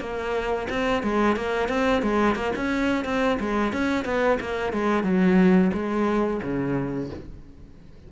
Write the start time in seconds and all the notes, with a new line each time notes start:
0.00 A#3
0.69 C4
1.03 G#3
1.36 A#3
1.69 C4
2.02 G#3
2.35 A#3
2.55 C#4
3.05 C4
3.40 G#3
3.73 C#4
4.05 B3
4.40 A#3
4.73 G#3
5.03 F#3
5.73 G#3
6.42 C#3